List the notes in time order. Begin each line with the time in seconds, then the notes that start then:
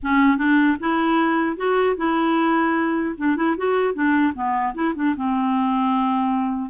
0.02 C#4
0.37 D4
0.80 E4
1.56 F#4
1.97 E4
3.17 D4
3.36 E4
3.57 F#4
3.93 D4
4.34 B3
4.74 E4
4.95 D4
5.15 C4